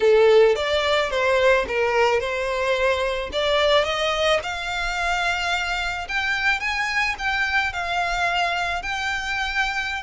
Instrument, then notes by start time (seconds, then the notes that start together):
violin
0.00 A4
0.55 D5
1.10 C5
1.67 A#4
2.19 C5
3.32 D5
3.84 D#5
4.42 F5
6.08 G5
6.60 G#5
7.18 G5
7.73 F5
8.82 G5